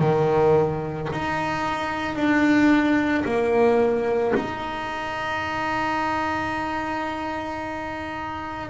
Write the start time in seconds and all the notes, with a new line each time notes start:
0.00 D#3
1.13 D#4
2.15 D4
3.25 A#3
4.35 D#4